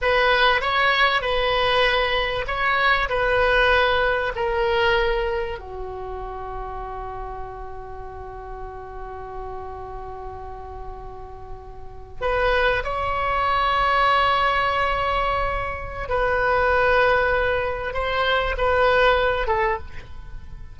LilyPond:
\new Staff \with { instrumentName = "oboe" } { \time 4/4 \tempo 4 = 97 b'4 cis''4 b'2 | cis''4 b'2 ais'4~ | ais'4 fis'2.~ | fis'1~ |
fis'2.~ fis'8. b'16~ | b'8. cis''2.~ cis''16~ | cis''2 b'2~ | b'4 c''4 b'4. a'8 | }